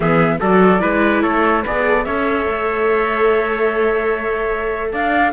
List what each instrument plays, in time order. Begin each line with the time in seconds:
0.00 cello E3, viola B3, trumpet G#4, flute E5
0.40 cello F#3, viola F#4, trumpet A4, flute D5
0.79 cello G#3, viola E4, trumpet B4
1.22 cello A3, trumpet A4, flute C#5
1.62 cello B3, viola G#4, flute B4, trumpet D5
1.88 flute A4
2.03 cello C#4, viola A4, trumpet C#5, flute E5
2.46 cello A3
4.92 cello D4, trumpet D5, flute F5